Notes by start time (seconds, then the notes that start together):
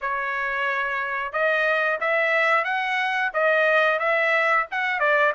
0.01 C#5
1.32 D#5
2.00 E5
2.64 F#5
3.33 D#5
3.99 E5
4.71 F#5
4.99 D5